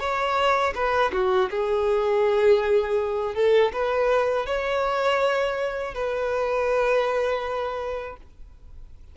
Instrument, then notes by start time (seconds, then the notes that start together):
violin
0.00 C#5
0.75 B4
1.13 F#4
1.51 G#4
3.35 A4
3.73 B4
4.46 C#5
5.95 B4